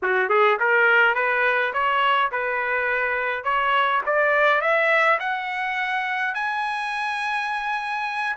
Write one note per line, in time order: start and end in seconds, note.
0.02 0.29 F#4
0.29 0.58 G#4
0.59 1.15 A#4
1.15 1.72 B4
1.73 2.31 C#5
2.31 3.44 B4
3.44 4.01 C#5
4.06 4.61 D5
4.61 5.18 E5
5.19 6.34 F#5
6.34 8.36 G#5